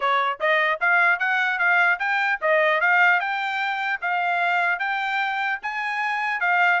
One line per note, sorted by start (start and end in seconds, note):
0.00 0.39 C#5
0.40 0.80 D#5
0.80 1.19 F5
1.19 1.59 F#5
1.59 1.99 F5
1.99 2.39 G5
2.41 2.81 D#5
2.81 3.19 F5
3.19 3.99 G5
4.01 4.79 F5
4.79 5.59 G5
5.62 6.40 G#5
6.40 6.80 F5